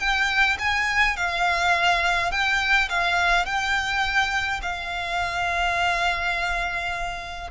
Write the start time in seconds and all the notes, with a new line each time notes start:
0.00 G5
0.59 G#5
1.17 F5
2.31 G5
2.90 F5
3.46 G5
4.63 F5